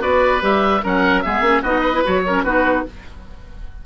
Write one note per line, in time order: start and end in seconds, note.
0.00 0.42 B3
0.00 0.40 F#4
0.00 0.82 B4
0.00 0.43 D5
0.41 0.83 G3
0.41 0.81 G4
0.41 0.85 E5
0.84 1.25 F#3
0.84 1.24 C#4
0.84 1.24 A#4
0.84 1.22 F#5
1.22 1.41 G#3
1.22 1.43 B3
1.22 1.63 G#4
1.22 1.62 E5
1.41 1.61 A#3
1.41 1.63 C#4
1.63 2.04 B3
1.63 1.94 D#4
1.63 1.81 F#4
1.63 2.04 D#5
1.81 2.21 B4
1.94 2.04 E4
2.05 2.43 F#3
2.05 2.25 F#4
2.05 2.44 C#5
2.27 2.46 C#4
2.27 2.45 A#4
2.43 2.84 B3
2.43 2.86 D#4
2.43 2.85 F#4
2.43 2.84 B4